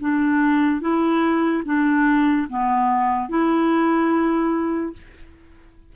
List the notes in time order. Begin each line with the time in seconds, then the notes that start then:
0.00 D4
0.80 E4
1.65 D4
2.49 B3
3.28 E4